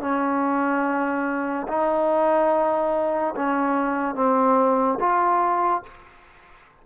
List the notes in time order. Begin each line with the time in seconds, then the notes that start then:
0.00 C#4
1.67 D#4
3.36 C#4
4.15 C4
4.99 F4